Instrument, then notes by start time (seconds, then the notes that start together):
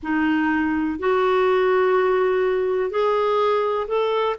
clarinet
0.03 D#4
0.99 F#4
2.90 G#4
3.87 A4